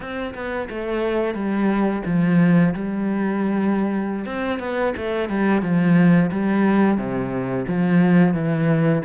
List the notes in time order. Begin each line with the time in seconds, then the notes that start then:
0.00 C4
0.34 B3
0.69 A3
1.34 G3
2.05 F3
2.74 G3
4.25 C4
4.59 B3
4.96 A3
5.29 G3
5.62 F3
6.31 G3
6.97 C3
7.67 F3
8.34 E3